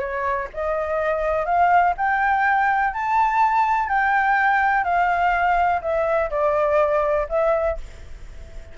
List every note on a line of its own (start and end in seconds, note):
0.00 0.48 C#5
0.54 1.46 D#5
1.46 1.94 F5
1.98 2.94 G5
2.94 3.89 A5
3.89 4.84 G5
4.84 5.81 F5
5.82 6.30 E5
6.31 7.27 D5
7.30 7.78 E5